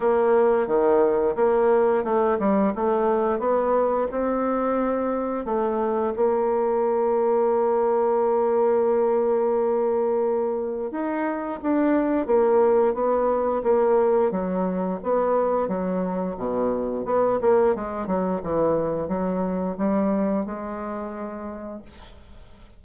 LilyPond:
\new Staff \with { instrumentName = "bassoon" } { \time 4/4 \tempo 4 = 88 ais4 dis4 ais4 a8 g8 | a4 b4 c'2 | a4 ais2.~ | ais1 |
dis'4 d'4 ais4 b4 | ais4 fis4 b4 fis4 | b,4 b8 ais8 gis8 fis8 e4 | fis4 g4 gis2 | }